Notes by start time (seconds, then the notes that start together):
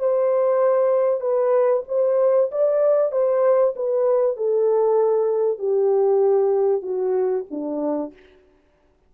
0.00 C5
1.21 B4
1.89 C5
2.52 D5
3.12 C5
3.76 B4
4.37 A4
5.59 G4
6.83 F#4
7.51 D4